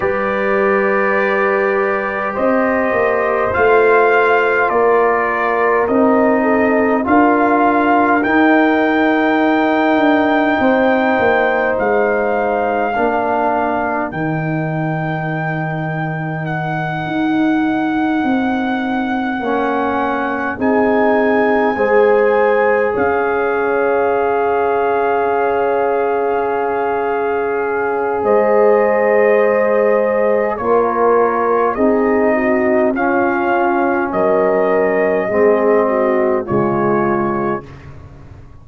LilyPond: <<
  \new Staff \with { instrumentName = "trumpet" } { \time 4/4 \tempo 4 = 51 d''2 dis''4 f''4 | d''4 dis''4 f''4 g''4~ | g''2 f''2 | g''2 fis''2~ |
fis''4. gis''2 f''8~ | f''1 | dis''2 cis''4 dis''4 | f''4 dis''2 cis''4 | }
  \new Staff \with { instrumentName = "horn" } { \time 4/4 b'2 c''2 | ais'4. a'8 ais'2~ | ais'4 c''2 ais'4~ | ais'1~ |
ais'4. gis'4 c''4 cis''8~ | cis''1 | c''2 ais'4 gis'8 fis'8 | f'4 ais'4 gis'8 fis'8 f'4 | }
  \new Staff \with { instrumentName = "trombone" } { \time 4/4 g'2. f'4~ | f'4 dis'4 f'4 dis'4~ | dis'2. d'4 | dis'1~ |
dis'8 cis'4 dis'4 gis'4.~ | gis'1~ | gis'2 f'4 dis'4 | cis'2 c'4 gis4 | }
  \new Staff \with { instrumentName = "tuba" } { \time 4/4 g2 c'8 ais8 a4 | ais4 c'4 d'4 dis'4~ | dis'8 d'8 c'8 ais8 gis4 ais4 | dis2~ dis8 dis'4 c'8~ |
c'8 ais4 c'4 gis4 cis'8~ | cis'1 | gis2 ais4 c'4 | cis'4 fis4 gis4 cis4 | }
>>